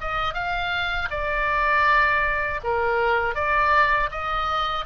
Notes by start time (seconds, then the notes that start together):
0.00 D#5
0.34 F5
1.10 D5
2.64 A#4
3.34 D5
4.11 D#5